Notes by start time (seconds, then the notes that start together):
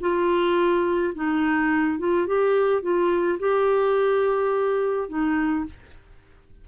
0.00 F4
1.14 D#4
1.99 F4
2.27 G4
2.82 F4
3.39 G4
5.08 D#4